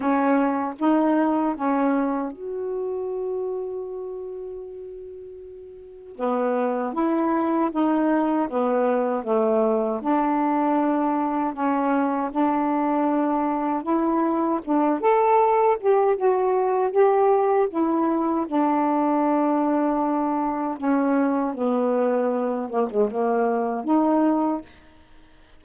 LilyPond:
\new Staff \with { instrumentName = "saxophone" } { \time 4/4 \tempo 4 = 78 cis'4 dis'4 cis'4 fis'4~ | fis'1 | b4 e'4 dis'4 b4 | a4 d'2 cis'4 |
d'2 e'4 d'8 a'8~ | a'8 g'8 fis'4 g'4 e'4 | d'2. cis'4 | b4. ais16 gis16 ais4 dis'4 | }